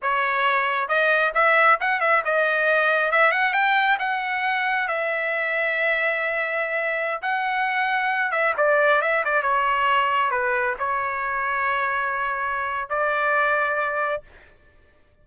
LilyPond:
\new Staff \with { instrumentName = "trumpet" } { \time 4/4 \tempo 4 = 135 cis''2 dis''4 e''4 | fis''8 e''8 dis''2 e''8 fis''8 | g''4 fis''2 e''4~ | e''1~ |
e''16 fis''2~ fis''8 e''8 d''8.~ | d''16 e''8 d''8 cis''2 b'8.~ | b'16 cis''2.~ cis''8.~ | cis''4 d''2. | }